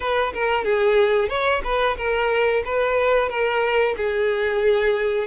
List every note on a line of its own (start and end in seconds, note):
0.00 0.33 B4
0.33 0.64 A#4
0.64 1.29 G#4
1.29 1.62 C#5
1.64 1.97 B4
1.97 2.63 A#4
2.64 3.29 B4
3.29 3.95 A#4
3.96 5.27 G#4